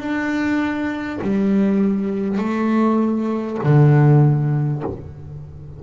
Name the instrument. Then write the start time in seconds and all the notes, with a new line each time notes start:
double bass
0.00 D4
1.22 G3
2.38 A3
3.63 D3